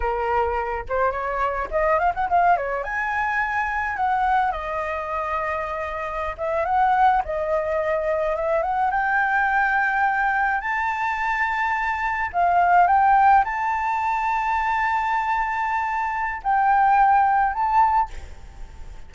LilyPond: \new Staff \with { instrumentName = "flute" } { \time 4/4 \tempo 4 = 106 ais'4. c''8 cis''4 dis''8 f''16 fis''16 | f''8 cis''8 gis''2 fis''4 | dis''2.~ dis''16 e''8 fis''16~ | fis''8. dis''2 e''8 fis''8 g''16~ |
g''2~ g''8. a''4~ a''16~ | a''4.~ a''16 f''4 g''4 a''16~ | a''1~ | a''4 g''2 a''4 | }